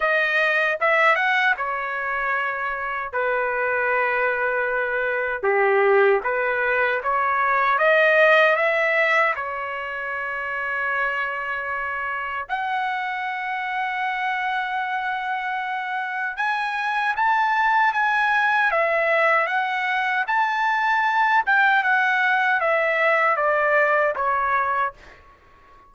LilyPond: \new Staff \with { instrumentName = "trumpet" } { \time 4/4 \tempo 4 = 77 dis''4 e''8 fis''8 cis''2 | b'2. g'4 | b'4 cis''4 dis''4 e''4 | cis''1 |
fis''1~ | fis''4 gis''4 a''4 gis''4 | e''4 fis''4 a''4. g''8 | fis''4 e''4 d''4 cis''4 | }